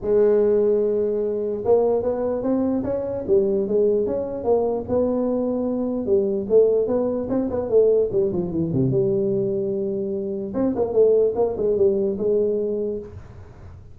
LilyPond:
\new Staff \with { instrumentName = "tuba" } { \time 4/4 \tempo 4 = 148 gis1 | ais4 b4 c'4 cis'4 | g4 gis4 cis'4 ais4 | b2. g4 |
a4 b4 c'8 b8 a4 | g8 f8 e8 c8 g2~ | g2 c'8 ais8 a4 | ais8 gis8 g4 gis2 | }